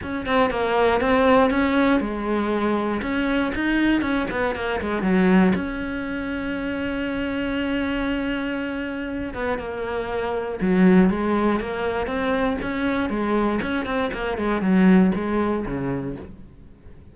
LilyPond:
\new Staff \with { instrumentName = "cello" } { \time 4/4 \tempo 4 = 119 cis'8 c'8 ais4 c'4 cis'4 | gis2 cis'4 dis'4 | cis'8 b8 ais8 gis8 fis4 cis'4~ | cis'1~ |
cis'2~ cis'8 b8 ais4~ | ais4 fis4 gis4 ais4 | c'4 cis'4 gis4 cis'8 c'8 | ais8 gis8 fis4 gis4 cis4 | }